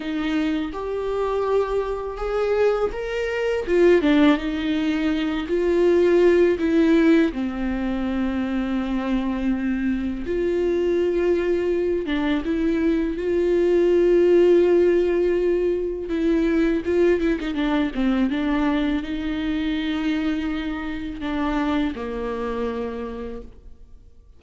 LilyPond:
\new Staff \with { instrumentName = "viola" } { \time 4/4 \tempo 4 = 82 dis'4 g'2 gis'4 | ais'4 f'8 d'8 dis'4. f'8~ | f'4 e'4 c'2~ | c'2 f'2~ |
f'8 d'8 e'4 f'2~ | f'2 e'4 f'8 e'16 dis'16 | d'8 c'8 d'4 dis'2~ | dis'4 d'4 ais2 | }